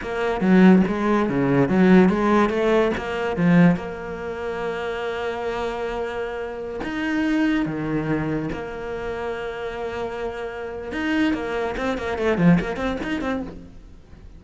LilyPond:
\new Staff \with { instrumentName = "cello" } { \time 4/4 \tempo 4 = 143 ais4 fis4 gis4 cis4 | fis4 gis4 a4 ais4 | f4 ais2.~ | ais1~ |
ais16 dis'2 dis4.~ dis16~ | dis16 ais2.~ ais8.~ | ais2 dis'4 ais4 | c'8 ais8 a8 f8 ais8 c'8 dis'8 c'8 | }